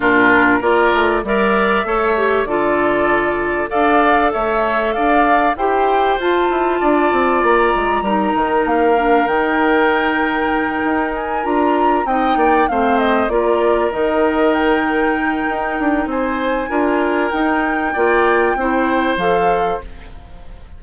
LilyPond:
<<
  \new Staff \with { instrumentName = "flute" } { \time 4/4 \tempo 4 = 97 ais'4 d''4 e''2 | d''2 f''4 e''4 | f''4 g''4 a''2 | ais''2 f''4 g''4~ |
g''2 gis''8 ais''4 g''8~ | g''8 f''8 dis''8 d''4 dis''4 g''8~ | g''2 gis''2 | g''2. f''4 | }
  \new Staff \with { instrumentName = "oboe" } { \time 4/4 f'4 ais'4 d''4 cis''4 | a'2 d''4 cis''4 | d''4 c''2 d''4~ | d''4 ais'2.~ |
ais'2.~ ais'8 dis''8 | d''8 c''4 ais'2~ ais'8~ | ais'2 c''4 ais'4~ | ais'4 d''4 c''2 | }
  \new Staff \with { instrumentName = "clarinet" } { \time 4/4 d'4 f'4 ais'4 a'8 g'8 | f'2 a'2~ | a'4 g'4 f'2~ | f'4 dis'4. d'8 dis'4~ |
dis'2~ dis'8 f'4 dis'8~ | dis'8 c'4 f'4 dis'4.~ | dis'2. f'4 | dis'4 f'4 e'4 a'4 | }
  \new Staff \with { instrumentName = "bassoon" } { \time 4/4 ais,4 ais8 a8 g4 a4 | d2 d'4 a4 | d'4 e'4 f'8 e'8 d'8 c'8 | ais8 gis8 g8 dis8 ais4 dis4~ |
dis4. dis'4 d'4 c'8 | ais8 a4 ais4 dis4.~ | dis4 dis'8 d'8 c'4 d'4 | dis'4 ais4 c'4 f4 | }
>>